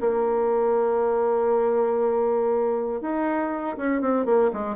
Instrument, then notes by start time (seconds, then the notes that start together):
bassoon
0.00 A#3
3.01 D#4
3.77 C#4
4.01 C4
4.25 A#3
4.53 G#3